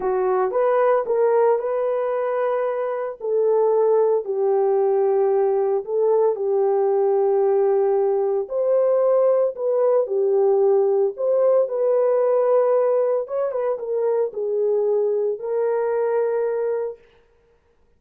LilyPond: \new Staff \with { instrumentName = "horn" } { \time 4/4 \tempo 4 = 113 fis'4 b'4 ais'4 b'4~ | b'2 a'2 | g'2. a'4 | g'1 |
c''2 b'4 g'4~ | g'4 c''4 b'2~ | b'4 cis''8 b'8 ais'4 gis'4~ | gis'4 ais'2. | }